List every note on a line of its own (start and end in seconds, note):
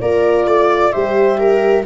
0.00 0.46 A#3
0.00 0.93 F4
0.00 0.47 A#4
0.00 0.92 D5
0.46 0.92 A3
0.46 0.92 D5
0.92 1.85 G3
0.92 1.85 G4
0.92 1.38 C5
0.92 1.84 E5
1.39 1.85 A#4